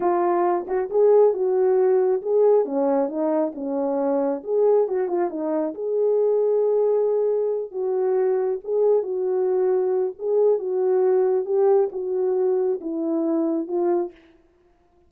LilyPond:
\new Staff \with { instrumentName = "horn" } { \time 4/4 \tempo 4 = 136 f'4. fis'8 gis'4 fis'4~ | fis'4 gis'4 cis'4 dis'4 | cis'2 gis'4 fis'8 f'8 | dis'4 gis'2.~ |
gis'4. fis'2 gis'8~ | gis'8 fis'2~ fis'8 gis'4 | fis'2 g'4 fis'4~ | fis'4 e'2 f'4 | }